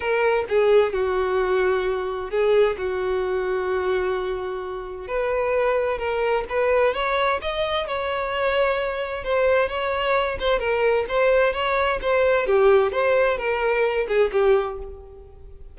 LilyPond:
\new Staff \with { instrumentName = "violin" } { \time 4/4 \tempo 4 = 130 ais'4 gis'4 fis'2~ | fis'4 gis'4 fis'2~ | fis'2. b'4~ | b'4 ais'4 b'4 cis''4 |
dis''4 cis''2. | c''4 cis''4. c''8 ais'4 | c''4 cis''4 c''4 g'4 | c''4 ais'4. gis'8 g'4 | }